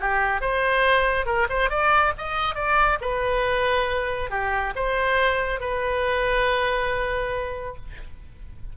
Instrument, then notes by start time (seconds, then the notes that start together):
oboe
0.00 G4
0.41 C5
1.26 A#4
1.50 C5
1.70 D5
2.18 D#5
2.55 D5
3.01 B4
4.31 G4
4.76 C5
5.60 B4